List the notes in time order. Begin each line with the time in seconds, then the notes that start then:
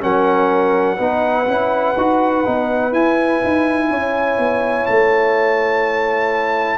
0.00 F#3 C#4 A#4 F#5
0.97 B3 D#4 B4
1.46 C#4 E4
1.96 D#4 F#4
2.45 B3 D#4
2.92 E4 G#5
3.44 D#4
3.90 C#4 C#5
4.38 B3
4.86 A3 A5